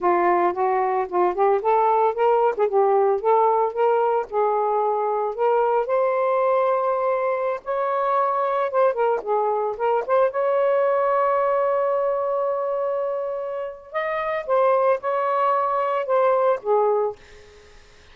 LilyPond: \new Staff \with { instrumentName = "saxophone" } { \time 4/4 \tempo 4 = 112 f'4 fis'4 f'8 g'8 a'4 | ais'8. gis'16 g'4 a'4 ais'4 | gis'2 ais'4 c''4~ | c''2~ c''16 cis''4.~ cis''16~ |
cis''16 c''8 ais'8 gis'4 ais'8 c''8 cis''8.~ | cis''1~ | cis''2 dis''4 c''4 | cis''2 c''4 gis'4 | }